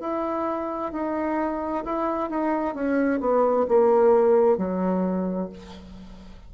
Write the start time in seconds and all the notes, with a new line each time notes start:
0.00 E4
0.92 D#4
1.85 E4
2.30 D#4
2.75 C#4
3.20 B3
3.68 A#3
4.57 F#3